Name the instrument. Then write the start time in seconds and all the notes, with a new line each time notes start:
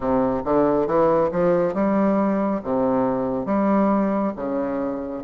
bassoon
0.00 C3
0.44 D3
0.86 E3
1.31 F3
1.74 G3
2.63 C3
3.45 G3
4.36 C#3